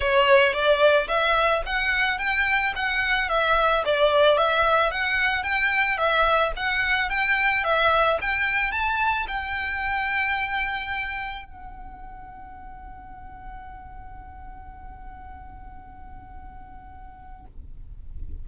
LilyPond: \new Staff \with { instrumentName = "violin" } { \time 4/4 \tempo 4 = 110 cis''4 d''4 e''4 fis''4 | g''4 fis''4 e''4 d''4 | e''4 fis''4 g''4 e''4 | fis''4 g''4 e''4 g''4 |
a''4 g''2.~ | g''4 fis''2.~ | fis''1~ | fis''1 | }